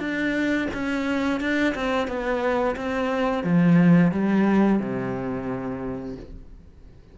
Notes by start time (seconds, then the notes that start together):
0.00 D4
0.74 C#4
1.41 D4
1.75 C4
2.08 B3
2.77 C4
3.44 F3
4.12 G3
4.80 C3